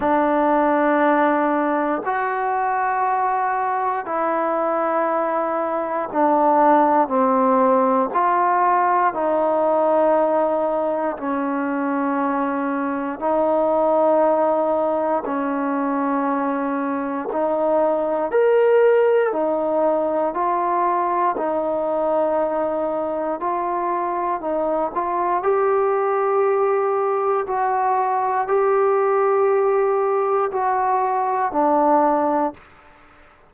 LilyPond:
\new Staff \with { instrumentName = "trombone" } { \time 4/4 \tempo 4 = 59 d'2 fis'2 | e'2 d'4 c'4 | f'4 dis'2 cis'4~ | cis'4 dis'2 cis'4~ |
cis'4 dis'4 ais'4 dis'4 | f'4 dis'2 f'4 | dis'8 f'8 g'2 fis'4 | g'2 fis'4 d'4 | }